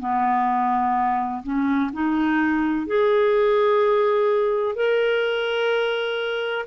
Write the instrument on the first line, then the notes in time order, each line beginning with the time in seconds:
clarinet
0.00 B3
1.43 C#4
1.93 D#4
2.87 G#4
4.75 A#4